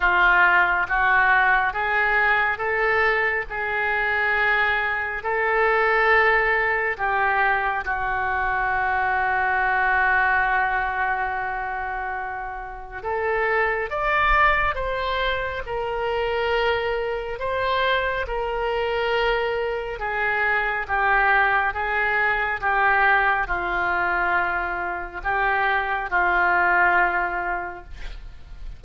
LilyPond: \new Staff \with { instrumentName = "oboe" } { \time 4/4 \tempo 4 = 69 f'4 fis'4 gis'4 a'4 | gis'2 a'2 | g'4 fis'2.~ | fis'2. a'4 |
d''4 c''4 ais'2 | c''4 ais'2 gis'4 | g'4 gis'4 g'4 f'4~ | f'4 g'4 f'2 | }